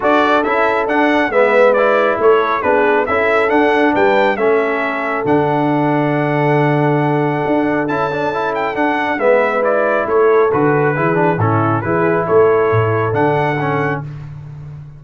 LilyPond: <<
  \new Staff \with { instrumentName = "trumpet" } { \time 4/4 \tempo 4 = 137 d''4 e''4 fis''4 e''4 | d''4 cis''4 b'4 e''4 | fis''4 g''4 e''2 | fis''1~ |
fis''2 a''4. g''8 | fis''4 e''4 d''4 cis''4 | b'2 a'4 b'4 | cis''2 fis''2 | }
  \new Staff \with { instrumentName = "horn" } { \time 4/4 a'2. b'4~ | b'4 a'4 gis'4 a'4~ | a'4 b'4 a'2~ | a'1~ |
a'1~ | a'4 b'2 a'4~ | a'4 gis'4 e'4 gis'4 | a'1 | }
  \new Staff \with { instrumentName = "trombone" } { \time 4/4 fis'4 e'4 d'4 b4 | e'2 d'4 e'4 | d'2 cis'2 | d'1~ |
d'2 e'8 d'8 e'4 | d'4 b4 e'2 | fis'4 e'8 d'8 cis'4 e'4~ | e'2 d'4 cis'4 | }
  \new Staff \with { instrumentName = "tuba" } { \time 4/4 d'4 cis'4 d'4 gis4~ | gis4 a4 b4 cis'4 | d'4 g4 a2 | d1~ |
d4 d'4 cis'2 | d'4 gis2 a4 | d4 e4 a,4 e4 | a4 a,4 d2 | }
>>